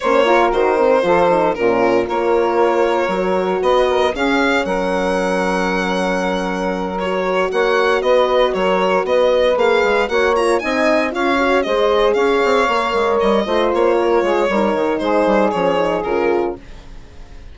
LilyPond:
<<
  \new Staff \with { instrumentName = "violin" } { \time 4/4 \tempo 4 = 116 cis''4 c''2 ais'4 | cis''2. dis''4 | f''4 fis''2.~ | fis''4. cis''4 fis''4 dis''8~ |
dis''8 cis''4 dis''4 f''4 fis''8 | ais''8 gis''4 f''4 dis''4 f''8~ | f''4. dis''4 cis''4.~ | cis''4 c''4 cis''4 ais'4 | }
  \new Staff \with { instrumentName = "saxophone" } { \time 4/4 c''8 ais'4. a'4 f'4 | ais'2. b'8 ais'8 | gis'4 ais'2.~ | ais'2~ ais'8 cis''4 b'8~ |
b'8 ais'4 b'2 cis''8~ | cis''8 dis''4 cis''4 c''4 cis''8~ | cis''2 c''4 ais'8 gis'8 | ais'4 gis'2. | }
  \new Staff \with { instrumentName = "horn" } { \time 4/4 cis'8 f'8 fis'8 c'8 f'8 dis'8 cis'4 | f'2 fis'2 | cis'1~ | cis'4. fis'2~ fis'8~ |
fis'2~ fis'8 gis'4 fis'8 | f'8 dis'4 f'8 fis'8 gis'4.~ | gis'8 ais'4. f'2 | dis'2 cis'8 dis'8 f'4 | }
  \new Staff \with { instrumentName = "bassoon" } { \time 4/4 ais4 dis4 f4 ais,4 | ais2 fis4 b4 | cis'4 fis2.~ | fis2~ fis8 ais4 b8~ |
b8 fis4 b4 ais8 gis8 ais8~ | ais8 c'4 cis'4 gis4 cis'8 | c'8 ais8 gis8 g8 a8 ais4 gis8 | g8 dis8 gis8 g8 f4 cis4 | }
>>